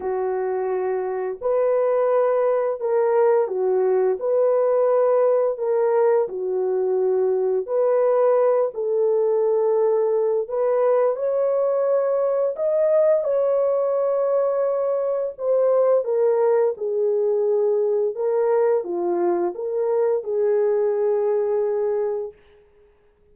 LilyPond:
\new Staff \with { instrumentName = "horn" } { \time 4/4 \tempo 4 = 86 fis'2 b'2 | ais'4 fis'4 b'2 | ais'4 fis'2 b'4~ | b'8 a'2~ a'8 b'4 |
cis''2 dis''4 cis''4~ | cis''2 c''4 ais'4 | gis'2 ais'4 f'4 | ais'4 gis'2. | }